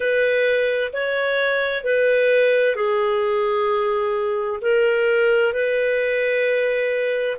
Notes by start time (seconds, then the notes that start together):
0.00 B4
0.92 C#5
1.83 B4
2.75 G#4
4.61 A#4
5.53 B4